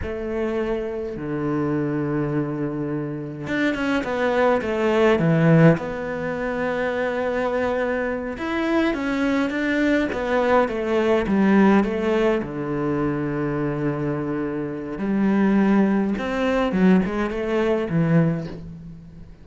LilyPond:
\new Staff \with { instrumentName = "cello" } { \time 4/4 \tempo 4 = 104 a2 d2~ | d2 d'8 cis'8 b4 | a4 e4 b2~ | b2~ b8 e'4 cis'8~ |
cis'8 d'4 b4 a4 g8~ | g8 a4 d2~ d8~ | d2 g2 | c'4 fis8 gis8 a4 e4 | }